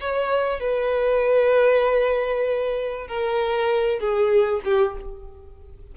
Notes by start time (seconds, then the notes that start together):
0.00 C#5
0.60 B4
3.07 A#4
3.99 G#4
4.64 G4